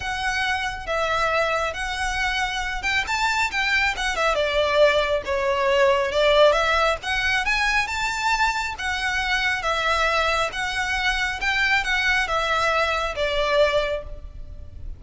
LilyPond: \new Staff \with { instrumentName = "violin" } { \time 4/4 \tempo 4 = 137 fis''2 e''2 | fis''2~ fis''8 g''8 a''4 | g''4 fis''8 e''8 d''2 | cis''2 d''4 e''4 |
fis''4 gis''4 a''2 | fis''2 e''2 | fis''2 g''4 fis''4 | e''2 d''2 | }